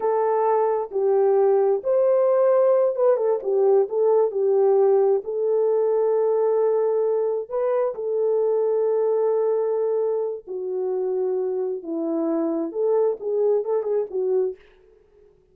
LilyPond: \new Staff \with { instrumentName = "horn" } { \time 4/4 \tempo 4 = 132 a'2 g'2 | c''2~ c''8 b'8 a'8 g'8~ | g'8 a'4 g'2 a'8~ | a'1~ |
a'8 b'4 a'2~ a'8~ | a'2. fis'4~ | fis'2 e'2 | a'4 gis'4 a'8 gis'8 fis'4 | }